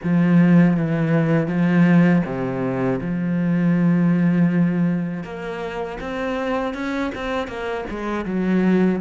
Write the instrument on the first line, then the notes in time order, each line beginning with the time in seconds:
cello
0.03 F3
0.76 E3
1.47 F3
2.25 C3
3.00 F3
5.23 A#3
6.00 C4
6.73 C#4
7.15 C4
7.47 A#3
7.90 G#3
8.25 F#3